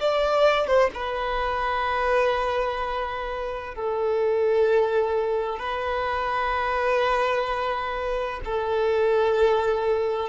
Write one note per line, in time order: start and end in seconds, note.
0.00 0.67 D5
0.67 0.90 C5
0.94 3.75 B4
3.75 5.59 A4
5.59 8.40 B4
8.45 10.29 A4